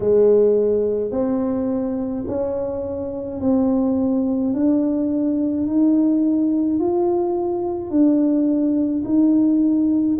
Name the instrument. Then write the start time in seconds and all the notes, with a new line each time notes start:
tuba
0.00 G#3
1.11 C4
2.26 C#4
3.40 C4
4.53 D4
5.66 D#4
6.79 F4
7.90 D4
9.04 D#4